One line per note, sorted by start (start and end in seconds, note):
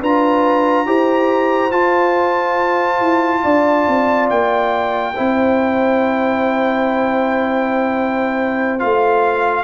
0.00 0.86 D4
0.00 0.86 F4
0.00 0.86 B4
0.00 1.71 A#5
0.86 1.72 E4
0.86 1.71 G4
0.86 3.43 C5
1.71 5.14 F4
1.71 3.01 F4
1.71 4.29 A5
3.01 3.43 E4
3.43 3.87 D4
3.43 5.14 D5
3.88 4.30 C4
4.30 5.16 A#3
4.30 8.79 G5
5.15 8.83 C4
5.15 8.79 E4
5.15 9.64 C5
8.79 9.64 A3
8.79 9.64 F4
8.79 9.64 F5